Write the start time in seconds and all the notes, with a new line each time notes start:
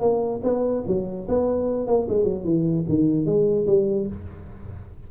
0.00 A#3
0.43 B3
0.87 F#3
1.28 B3
1.86 A#3
2.08 G#3
2.23 F#3
2.44 E3
2.88 D#3
3.25 G#3
3.66 G3